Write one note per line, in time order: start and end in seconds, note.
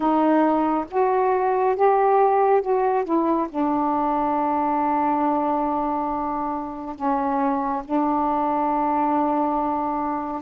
0.00 0.85 D#4
0.91 1.75 F#4
1.75 2.61 G4
2.61 3.04 F#4
3.04 3.47 E4
3.49 6.95 D4
6.95 7.82 C#4
7.84 10.42 D4